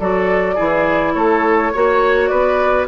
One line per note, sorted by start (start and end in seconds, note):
0.00 0.58 F#3
0.00 0.57 F#4
0.00 0.55 A4
0.00 1.14 D5
0.55 1.15 E3
0.55 1.73 E4
0.55 1.13 G#4
1.14 1.73 A3
1.14 1.73 A4
1.14 2.28 C#5
1.73 2.31 A#3
1.73 2.88 F#4
1.73 2.30 C#5
2.28 2.88 B3
2.28 2.88 B4
2.28 2.86 D5